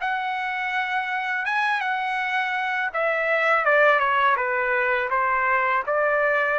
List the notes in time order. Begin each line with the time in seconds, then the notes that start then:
0.00 F#5
1.45 G#5
1.80 F#5
2.93 E5
3.65 D5
3.99 C#5
4.36 B4
5.10 C5
5.86 D5